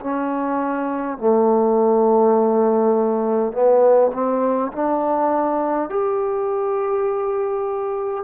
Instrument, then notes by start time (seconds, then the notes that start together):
trombone
0.00 C#4
1.18 A3
3.52 B3
4.13 C4
4.72 D4
5.89 G4